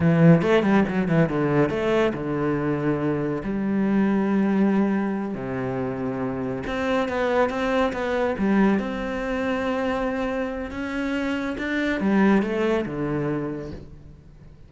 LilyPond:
\new Staff \with { instrumentName = "cello" } { \time 4/4 \tempo 4 = 140 e4 a8 g8 fis8 e8 d4 | a4 d2. | g1~ | g8 c2. c'8~ |
c'8 b4 c'4 b4 g8~ | g8 c'2.~ c'8~ | c'4 cis'2 d'4 | g4 a4 d2 | }